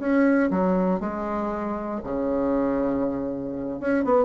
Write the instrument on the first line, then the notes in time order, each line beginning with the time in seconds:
bassoon
0.00 C#4
0.51 F#3
1.00 G#3
2.04 C#3
3.80 C#4
4.05 B3